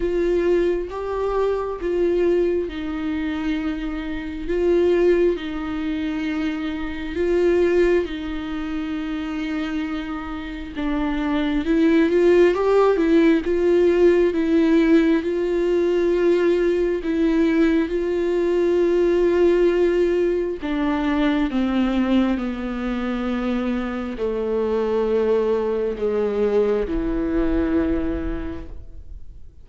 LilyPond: \new Staff \with { instrumentName = "viola" } { \time 4/4 \tempo 4 = 67 f'4 g'4 f'4 dis'4~ | dis'4 f'4 dis'2 | f'4 dis'2. | d'4 e'8 f'8 g'8 e'8 f'4 |
e'4 f'2 e'4 | f'2. d'4 | c'4 b2 a4~ | a4 gis4 e2 | }